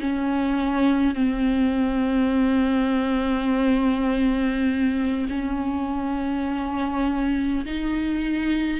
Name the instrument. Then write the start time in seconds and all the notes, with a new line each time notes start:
viola
0.00 C#4
1.14 C4
5.29 C#4
7.65 D#4